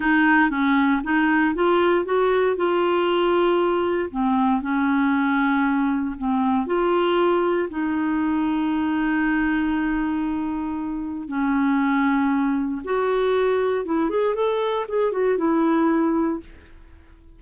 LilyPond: \new Staff \with { instrumentName = "clarinet" } { \time 4/4 \tempo 4 = 117 dis'4 cis'4 dis'4 f'4 | fis'4 f'2. | c'4 cis'2. | c'4 f'2 dis'4~ |
dis'1~ | dis'2 cis'2~ | cis'4 fis'2 e'8 gis'8 | a'4 gis'8 fis'8 e'2 | }